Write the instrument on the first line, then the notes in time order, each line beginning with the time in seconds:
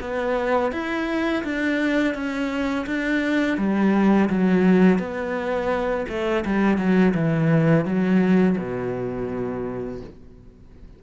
cello
0.00 B3
0.71 E4
1.44 D4
2.14 C#4
2.86 D4
3.57 G3
4.29 F#3
4.98 B3
6.08 A3
6.44 G3
6.77 F#3
7.14 E3
7.85 F#3
8.57 B2